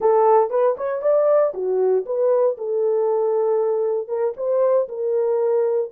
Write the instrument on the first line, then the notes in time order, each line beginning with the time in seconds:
horn
0.00 A4
0.50 B4
0.77 C#5
1.02 D5
1.54 F#4
2.05 B4
2.57 A4
4.08 A#4
4.36 C5
4.88 A#4